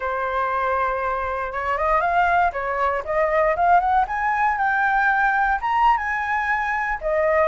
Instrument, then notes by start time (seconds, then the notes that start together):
flute
0.00 C5
1.52 C#5
1.77 D#5
2.00 F5
2.52 C#5
3.04 D#5
3.55 F5
3.80 F#5
4.07 G#5
4.57 G5
5.61 A#5
5.97 G#5
7.01 D#5